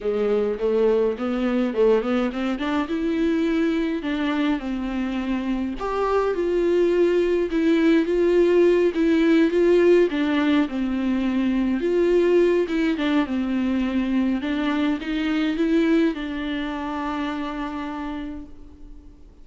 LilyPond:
\new Staff \with { instrumentName = "viola" } { \time 4/4 \tempo 4 = 104 gis4 a4 b4 a8 b8 | c'8 d'8 e'2 d'4 | c'2 g'4 f'4~ | f'4 e'4 f'4. e'8~ |
e'8 f'4 d'4 c'4.~ | c'8 f'4. e'8 d'8 c'4~ | c'4 d'4 dis'4 e'4 | d'1 | }